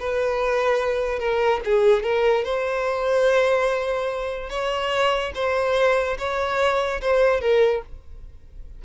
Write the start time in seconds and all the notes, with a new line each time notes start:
0.00 B4
1.19 A#4
1.65 G#4
2.04 A#4
2.45 C5
4.50 C#5
5.35 C5
6.19 C#5
7.02 C5
7.41 A#4